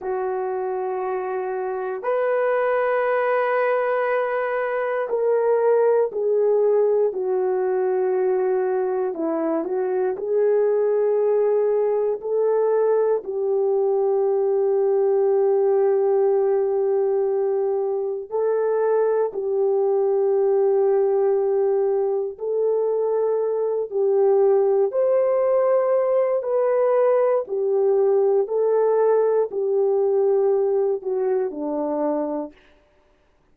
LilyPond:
\new Staff \with { instrumentName = "horn" } { \time 4/4 \tempo 4 = 59 fis'2 b'2~ | b'4 ais'4 gis'4 fis'4~ | fis'4 e'8 fis'8 gis'2 | a'4 g'2.~ |
g'2 a'4 g'4~ | g'2 a'4. g'8~ | g'8 c''4. b'4 g'4 | a'4 g'4. fis'8 d'4 | }